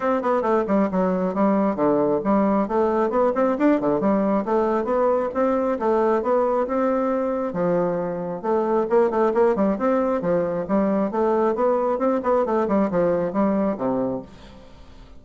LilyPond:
\new Staff \with { instrumentName = "bassoon" } { \time 4/4 \tempo 4 = 135 c'8 b8 a8 g8 fis4 g4 | d4 g4 a4 b8 c'8 | d'8 d8 g4 a4 b4 | c'4 a4 b4 c'4~ |
c'4 f2 a4 | ais8 a8 ais8 g8 c'4 f4 | g4 a4 b4 c'8 b8 | a8 g8 f4 g4 c4 | }